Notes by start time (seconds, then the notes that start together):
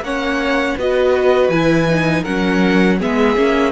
0.00 A#3 C#4 C#5 F#5
0.77 B3 F#4 B4 D#5
1.48 E3 E4 G#5
1.88 D#4
2.22 F#3 C#4 A#4 F#5
2.99 G#3 B3 G#4 E5
3.36 A#3 C#4